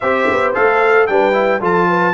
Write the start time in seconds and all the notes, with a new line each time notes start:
0.00 C4 G4 C5 E5
0.29 B3
0.54 A3 A4 F5
1.06 G3 D4 B4 G5
1.33 E4
1.60 F3 F4 A4 A5
1.88 B4